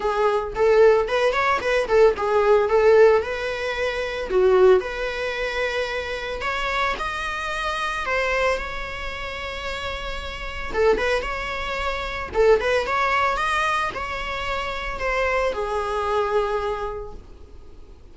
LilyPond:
\new Staff \with { instrumentName = "viola" } { \time 4/4 \tempo 4 = 112 gis'4 a'4 b'8 cis''8 b'8 a'8 | gis'4 a'4 b'2 | fis'4 b'2. | cis''4 dis''2 c''4 |
cis''1 | a'8 b'8 cis''2 a'8 b'8 | cis''4 dis''4 cis''2 | c''4 gis'2. | }